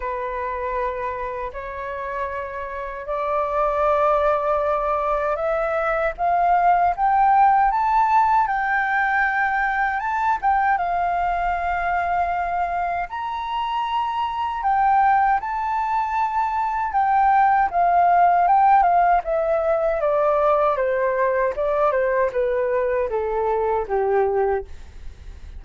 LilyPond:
\new Staff \with { instrumentName = "flute" } { \time 4/4 \tempo 4 = 78 b'2 cis''2 | d''2. e''4 | f''4 g''4 a''4 g''4~ | g''4 a''8 g''8 f''2~ |
f''4 ais''2 g''4 | a''2 g''4 f''4 | g''8 f''8 e''4 d''4 c''4 | d''8 c''8 b'4 a'4 g'4 | }